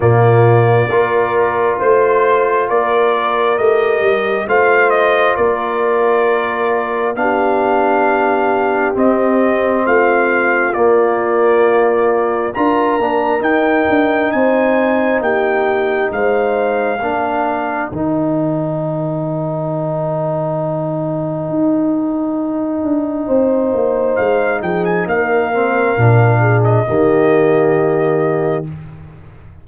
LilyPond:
<<
  \new Staff \with { instrumentName = "trumpet" } { \time 4/4 \tempo 4 = 67 d''2 c''4 d''4 | dis''4 f''8 dis''8 d''2 | f''2 dis''4 f''4 | d''2 ais''4 g''4 |
gis''4 g''4 f''2 | g''1~ | g''2. f''8 g''16 gis''16 | f''4.~ f''16 dis''2~ dis''16 | }
  \new Staff \with { instrumentName = "horn" } { \time 4/4 f'4 ais'4 c''4 ais'4~ | ais'4 c''4 ais'2 | g'2. f'4~ | f'2 ais'2 |
c''4 g'4 c''4 ais'4~ | ais'1~ | ais'2 c''4. gis'8 | ais'4. gis'8 g'2 | }
  \new Staff \with { instrumentName = "trombone" } { \time 4/4 ais4 f'2. | g'4 f'2. | d'2 c'2 | ais2 f'8 d'8 dis'4~ |
dis'2. d'4 | dis'1~ | dis'1~ | dis'8 c'8 d'4 ais2 | }
  \new Staff \with { instrumentName = "tuba" } { \time 4/4 ais,4 ais4 a4 ais4 | a8 g8 a4 ais2 | b2 c'4 a4 | ais2 d'8 ais8 dis'8 d'8 |
c'4 ais4 gis4 ais4 | dis1 | dis'4. d'8 c'8 ais8 gis8 f8 | ais4 ais,4 dis2 | }
>>